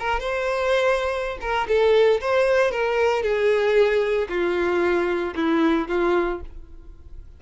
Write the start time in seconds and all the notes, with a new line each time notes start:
0.00 A#4
0.20 C5
1.41 A#4
1.68 A4
2.21 C5
2.72 A#4
3.23 G#4
4.29 F4
5.36 E4
5.89 F4